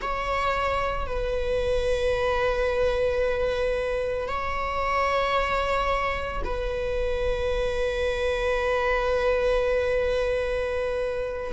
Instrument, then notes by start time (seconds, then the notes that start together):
viola
0.01 C#5
1.06 B4
4.28 C#5
6.44 B4